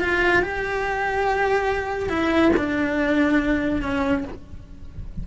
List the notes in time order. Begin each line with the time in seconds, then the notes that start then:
0.00 F4
0.42 G4
2.09 E4
2.57 D4
3.82 C#4